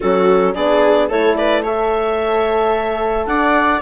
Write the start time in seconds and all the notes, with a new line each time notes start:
0.00 F#3 C#4 F#4 A4
0.53 B3 D4 G#4 D5
1.09 A3 E4 A4 C#5
1.36 B4 D5
1.62 A4 C#5 E5
3.26 D4 D5 F#5